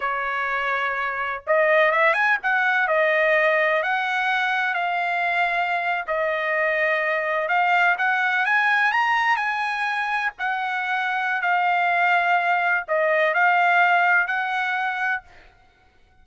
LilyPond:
\new Staff \with { instrumentName = "trumpet" } { \time 4/4 \tempo 4 = 126 cis''2. dis''4 | e''8 gis''8 fis''4 dis''2 | fis''2 f''2~ | f''8. dis''2. f''16~ |
f''8. fis''4 gis''4 ais''4 gis''16~ | gis''4.~ gis''16 fis''2~ fis''16 | f''2. dis''4 | f''2 fis''2 | }